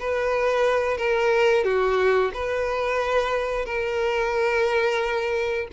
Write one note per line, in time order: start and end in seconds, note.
0.00 0.97 B4
0.97 1.64 A#4
1.64 2.32 F#4
2.34 3.66 B4
3.66 5.68 A#4